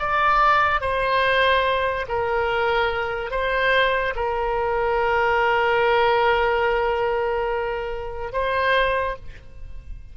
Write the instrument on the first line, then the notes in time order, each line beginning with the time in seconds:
oboe
0.00 D5
0.81 C5
2.09 A#4
3.31 C5
4.16 A#4
8.33 C5